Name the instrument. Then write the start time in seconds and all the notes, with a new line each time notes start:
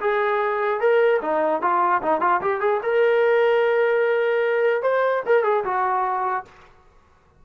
trombone
0.00 G#4
0.80 A#4
1.21 D#4
1.61 F4
2.02 D#4
2.20 F4
2.41 G4
2.60 G#4
2.82 A#4
4.82 C5
5.26 A#4
5.43 G#4
5.64 F#4